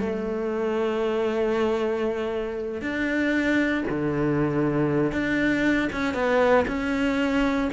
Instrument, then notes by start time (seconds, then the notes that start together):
cello
0.00 A3
2.81 D4
3.89 D3
5.12 D4
5.92 C#4
6.14 B3
6.68 C#4